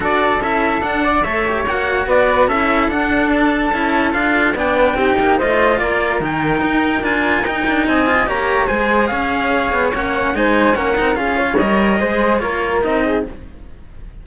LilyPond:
<<
  \new Staff \with { instrumentName = "trumpet" } { \time 4/4 \tempo 4 = 145 d''4 e''4 fis''4 e''4 | fis''4 d''4 e''4 fis''4 | a''2 f''4 g''4~ | g''4 dis''4 d''4 g''4~ |
g''4 gis''4 g''4 gis''4 | ais''4 gis''4 f''2 | fis''4 gis''4 fis''4 f''4 | dis''2 cis''4 dis''4 | }
  \new Staff \with { instrumentName = "flute" } { \time 4/4 a'2~ a'8 d''8 cis''4~ | cis''4 b'4 a'2~ | a'2. d''8 b'8 | g'4 c''4 ais'2~ |
ais'2. dis''4 | cis''4 c''4 cis''2~ | cis''4 c''4 ais'4 gis'8 cis''8~ | cis''4 c''4 ais'4. gis'8 | }
  \new Staff \with { instrumentName = "cello" } { \time 4/4 fis'4 e'4 d'4 a'8 g'8 | fis'2 e'4 d'4~ | d'4 e'4 f'4 d'4 | dis'4 f'2 dis'4~ |
dis'4 f'4 dis'4. f'8 | g'4 gis'2. | cis'4 dis'4 cis'8 dis'8 f'4 | ais'4 gis'4 f'4 dis'4 | }
  \new Staff \with { instrumentName = "cello" } { \time 4/4 d'4 cis'4 d'4 a4 | ais4 b4 cis'4 d'4~ | d'4 cis'4 d'4 b4 | c'8 ais8 a4 ais4 dis4 |
dis'4 d'4 dis'8 d'8 c'4 | ais4 gis4 cis'4. b8 | ais4 gis4 ais8 c'8 cis'4 | g4 gis4 ais4 c'4 | }
>>